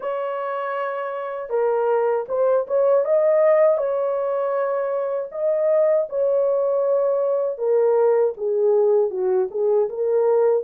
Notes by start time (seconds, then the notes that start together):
0.00 C#5
1.49 A#4
2.28 C5
2.67 C#5
3.04 D#5
3.77 C#5
5.31 D#5
6.09 C#5
7.57 A#4
8.37 G#4
9.10 F#4
9.50 G#4
9.89 A#4